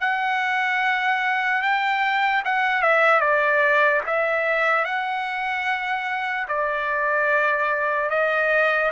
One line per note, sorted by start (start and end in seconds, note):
0.00 1.61 F#5
1.61 2.43 G5
2.45 2.82 F#5
2.82 3.20 E5
3.20 4.01 D5
4.06 4.84 E5
4.84 6.46 F#5
6.48 8.10 D5
8.10 8.91 D#5